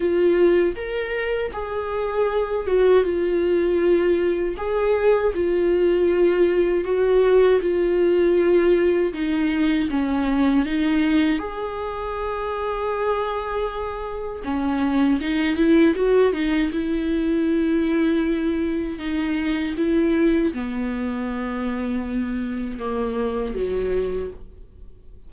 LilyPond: \new Staff \with { instrumentName = "viola" } { \time 4/4 \tempo 4 = 79 f'4 ais'4 gis'4. fis'8 | f'2 gis'4 f'4~ | f'4 fis'4 f'2 | dis'4 cis'4 dis'4 gis'4~ |
gis'2. cis'4 | dis'8 e'8 fis'8 dis'8 e'2~ | e'4 dis'4 e'4 b4~ | b2 ais4 fis4 | }